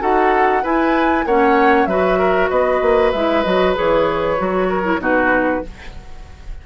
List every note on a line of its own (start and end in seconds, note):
0.00 0.64 D#4
0.00 0.62 F#4
0.00 0.62 A4
0.00 0.64 F#5
0.62 1.25 E4
0.62 1.27 E4
0.62 1.25 B4
0.62 1.27 G#5
1.25 1.86 A#3
1.25 1.89 C#4
1.25 1.89 C#5
1.25 1.86 F#5
1.86 2.49 F#3
1.86 3.14 F#4
1.86 2.18 B4
1.86 2.48 E5
2.18 2.50 A#4
2.49 2.81 B3
2.49 4.69 B4
2.49 3.11 D#5
2.81 3.12 A#3
3.12 3.45 G#3
3.12 3.44 E4
3.12 3.43 E5
3.43 3.76 F#3
3.43 3.74 F#4
3.43 3.74 D#5
3.74 4.39 E3
3.74 4.37 G#4
3.74 5.02 C#5
4.38 4.98 F#3
4.38 4.83 F#4
4.69 5.00 A#4
4.83 4.99 E4
4.98 5.60 B2
4.98 5.62 D#4
4.98 5.64 F#4
4.98 5.66 B4